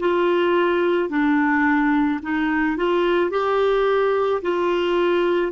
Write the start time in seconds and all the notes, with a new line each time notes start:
0.00 F4
1.10 D4
2.23 D#4
2.77 F4
3.31 G4
4.42 F4